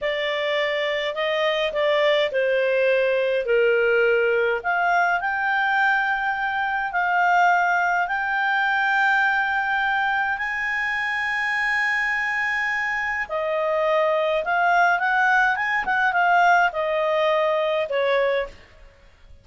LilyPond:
\new Staff \with { instrumentName = "clarinet" } { \time 4/4 \tempo 4 = 104 d''2 dis''4 d''4 | c''2 ais'2 | f''4 g''2. | f''2 g''2~ |
g''2 gis''2~ | gis''2. dis''4~ | dis''4 f''4 fis''4 gis''8 fis''8 | f''4 dis''2 cis''4 | }